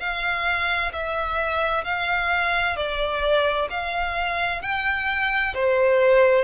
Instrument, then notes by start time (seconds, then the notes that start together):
violin
0.00 F5
0.93 E5
1.85 F5
2.77 D5
3.70 F5
4.62 G5
5.54 C5